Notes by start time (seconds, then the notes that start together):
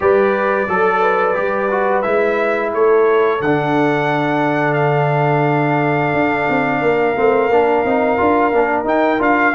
0.00 G3 G4 B4 D5
0.68 F#3 A4
1.01 B4
1.35 G3 G4
1.70 F#4
2.01 G#3 E4 E5
2.73 A3 A4 C#5
3.40 D3 D4 F#5
4.73 F5
6.13 D4
6.48 C4
6.80 A#3 A#4
7.15 A3 C4
7.49 A#3 D4
7.84 C4 D#4
8.17 D4 F4
8.52 A#3 D4
8.84 D#4 G5
9.18 D4 F4 F5